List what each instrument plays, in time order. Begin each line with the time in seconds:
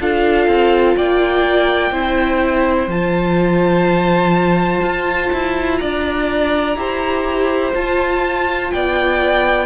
0.00 cello D4, viola F4, violin A4 F5
0.47 cello C4
0.96 cello A#3, violin D5 G5
1.91 cello C4, viola E4, violin C5
2.87 cello F3, viola F4, violin A5
4.82 cello F4
5.32 cello E4
5.77 cello D4, violin D5 A#5
6.76 cello E4, viola G4, violin C5
7.75 viola F4, cello F4, violin A5
8.71 cello B3, violin D5 G5